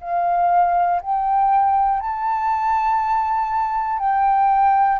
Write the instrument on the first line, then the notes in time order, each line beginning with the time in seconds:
flute
0.00 F5
1.01 G5
2.00 A5
3.99 G5